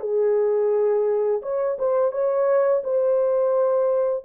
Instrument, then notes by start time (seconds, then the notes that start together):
horn
0.00 G#4
1.42 C#5
1.79 C5
2.12 C#5
2.84 C5